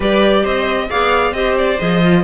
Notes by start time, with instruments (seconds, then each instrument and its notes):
0.00 cello G3, clarinet G4, viola B4, violin D5
0.43 cello C4, viola C5, violin D#5
0.90 cello B3, clarinet G#4, viola D5, violin F5
1.32 cello C4, clarinet G4, viola C5, violin D#5
1.58 violin D5
1.79 cello F3, clarinet G#4, violin D#5
2.03 clarinet F4